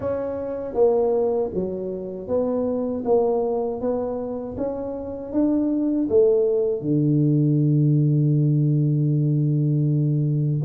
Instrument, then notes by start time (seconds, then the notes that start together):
tuba
0.00 C#4
0.74 A#3
1.54 F#3
2.27 B3
3.04 A#3
3.80 B3
4.57 C#4
5.32 D4
6.09 A3
6.81 D3